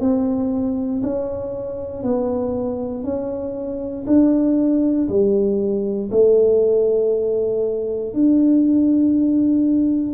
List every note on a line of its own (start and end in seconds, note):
0.00 1.02 C4
1.02 2.02 C#4
2.02 3.03 B3
3.03 4.05 C#4
4.06 5.08 D4
5.08 6.10 G3
6.11 8.13 A3
8.13 10.13 D4